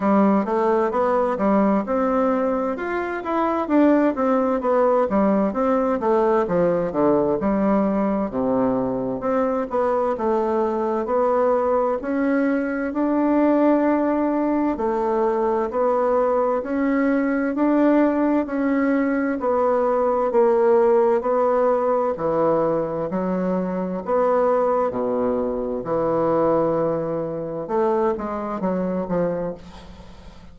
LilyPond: \new Staff \with { instrumentName = "bassoon" } { \time 4/4 \tempo 4 = 65 g8 a8 b8 g8 c'4 f'8 e'8 | d'8 c'8 b8 g8 c'8 a8 f8 d8 | g4 c4 c'8 b8 a4 | b4 cis'4 d'2 |
a4 b4 cis'4 d'4 | cis'4 b4 ais4 b4 | e4 fis4 b4 b,4 | e2 a8 gis8 fis8 f8 | }